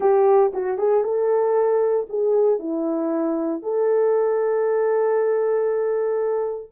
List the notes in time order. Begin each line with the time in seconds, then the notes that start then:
0.00 G4
0.53 F#4
0.78 G#4
1.03 A4
2.09 G#4
2.59 E4
3.62 A4